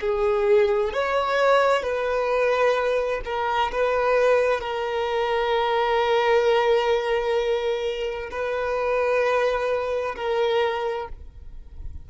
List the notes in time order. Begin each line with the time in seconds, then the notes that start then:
0.00 G#4
0.92 C#5
1.82 B4
3.25 A#4
3.71 B4
4.60 A#4
8.30 B4
10.15 A#4